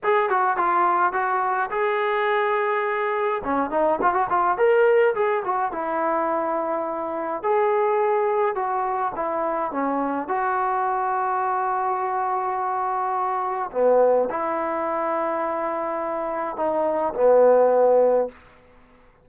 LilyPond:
\new Staff \with { instrumentName = "trombone" } { \time 4/4 \tempo 4 = 105 gis'8 fis'8 f'4 fis'4 gis'4~ | gis'2 cis'8 dis'8 f'16 fis'16 f'8 | ais'4 gis'8 fis'8 e'2~ | e'4 gis'2 fis'4 |
e'4 cis'4 fis'2~ | fis'1 | b4 e'2.~ | e'4 dis'4 b2 | }